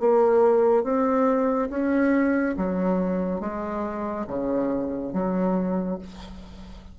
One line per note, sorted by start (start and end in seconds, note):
0.00 0.84 A#3
0.84 1.69 C4
1.70 2.56 C#4
2.58 3.41 F#3
3.41 4.26 G#3
4.27 5.13 C#3
5.13 5.99 F#3